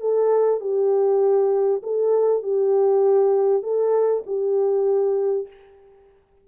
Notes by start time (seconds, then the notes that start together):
0.00 A4
0.60 G4
1.82 A4
2.42 G4
3.63 A4
4.26 G4